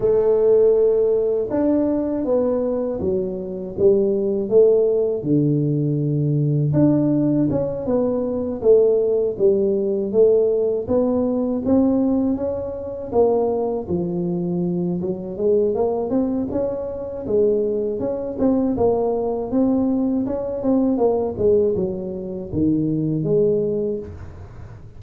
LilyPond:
\new Staff \with { instrumentName = "tuba" } { \time 4/4 \tempo 4 = 80 a2 d'4 b4 | fis4 g4 a4 d4~ | d4 d'4 cis'8 b4 a8~ | a8 g4 a4 b4 c'8~ |
c'8 cis'4 ais4 f4. | fis8 gis8 ais8 c'8 cis'4 gis4 | cis'8 c'8 ais4 c'4 cis'8 c'8 | ais8 gis8 fis4 dis4 gis4 | }